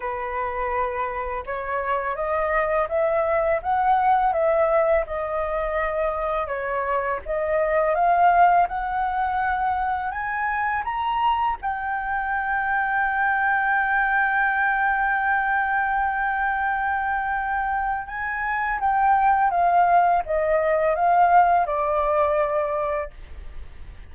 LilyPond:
\new Staff \with { instrumentName = "flute" } { \time 4/4 \tempo 4 = 83 b'2 cis''4 dis''4 | e''4 fis''4 e''4 dis''4~ | dis''4 cis''4 dis''4 f''4 | fis''2 gis''4 ais''4 |
g''1~ | g''1~ | g''4 gis''4 g''4 f''4 | dis''4 f''4 d''2 | }